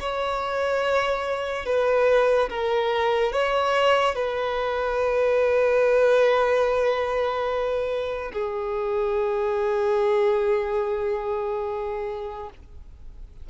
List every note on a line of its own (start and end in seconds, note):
0.00 1.66 C#5
1.66 2.49 B4
2.50 3.33 A#4
3.33 4.16 C#5
4.16 8.32 B4
8.33 12.50 G#4